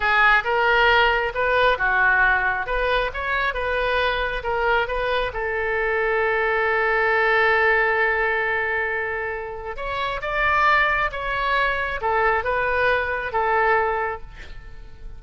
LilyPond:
\new Staff \with { instrumentName = "oboe" } { \time 4/4 \tempo 4 = 135 gis'4 ais'2 b'4 | fis'2 b'4 cis''4 | b'2 ais'4 b'4 | a'1~ |
a'1~ | a'2 cis''4 d''4~ | d''4 cis''2 a'4 | b'2 a'2 | }